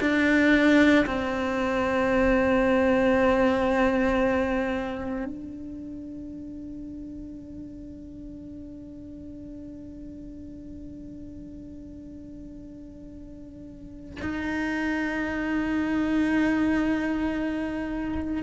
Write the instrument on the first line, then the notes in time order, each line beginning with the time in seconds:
cello
0.00 D4
1.06 C4
5.25 D4
14.22 D#4